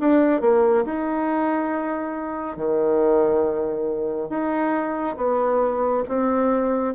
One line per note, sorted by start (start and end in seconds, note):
0.00 0.42 D4
0.42 0.85 A#3
0.85 2.57 D#4
2.57 4.30 D#3
4.30 5.17 D#4
5.17 6.04 B3
6.08 6.95 C4